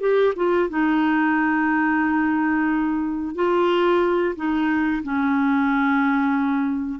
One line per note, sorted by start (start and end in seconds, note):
0.00 0.33 G4
0.36 0.69 F4
0.69 3.35 D#4
3.35 4.35 F4
4.36 5.02 D#4
5.03 7.00 C#4